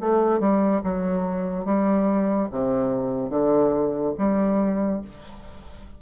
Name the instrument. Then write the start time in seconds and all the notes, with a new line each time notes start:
bassoon
0.00 A3
0.40 G3
0.83 F#3
1.65 G3
2.51 C3
3.30 D3
4.18 G3